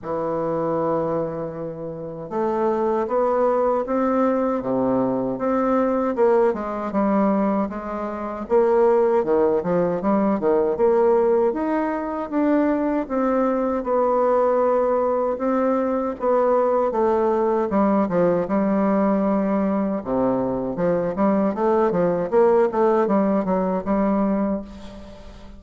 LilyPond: \new Staff \with { instrumentName = "bassoon" } { \time 4/4 \tempo 4 = 78 e2. a4 | b4 c'4 c4 c'4 | ais8 gis8 g4 gis4 ais4 | dis8 f8 g8 dis8 ais4 dis'4 |
d'4 c'4 b2 | c'4 b4 a4 g8 f8 | g2 c4 f8 g8 | a8 f8 ais8 a8 g8 fis8 g4 | }